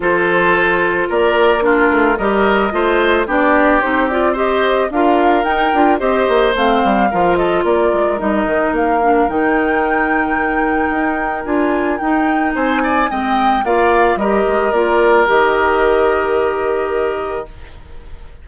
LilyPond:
<<
  \new Staff \with { instrumentName = "flute" } { \time 4/4 \tempo 4 = 110 c''2 d''4 ais'4 | dis''2 d''4 c''8 d''8 | dis''4 f''4 g''4 dis''4 | f''4. dis''8 d''4 dis''4 |
f''4 g''2.~ | g''4 gis''4 g''4 gis''4 | g''4 f''4 dis''4 d''4 | dis''1 | }
  \new Staff \with { instrumentName = "oboe" } { \time 4/4 a'2 ais'4 f'4 | ais'4 c''4 g'2 | c''4 ais'2 c''4~ | c''4 ais'8 a'8 ais'2~ |
ais'1~ | ais'2. c''8 d''8 | dis''4 d''4 ais'2~ | ais'1 | }
  \new Staff \with { instrumentName = "clarinet" } { \time 4/4 f'2. d'4 | g'4 f'4 d'4 dis'8 f'8 | g'4 f'4 dis'8 f'8 g'4 | c'4 f'2 dis'4~ |
dis'8 d'8 dis'2.~ | dis'4 f'4 dis'2 | c'4 f'4 g'4 f'4 | g'1 | }
  \new Staff \with { instrumentName = "bassoon" } { \time 4/4 f2 ais4. a8 | g4 a4 b4 c'4~ | c'4 d'4 dis'8 d'8 c'8 ais8 | a8 g8 f4 ais8 gis8 g8 dis8 |
ais4 dis2. | dis'4 d'4 dis'4 c'4 | gis4 ais4 g8 gis8 ais4 | dis1 | }
>>